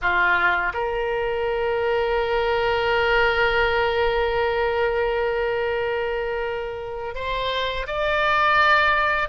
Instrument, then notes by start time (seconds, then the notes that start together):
oboe
0.01 F4
0.73 A#4
7.15 C5
7.86 D5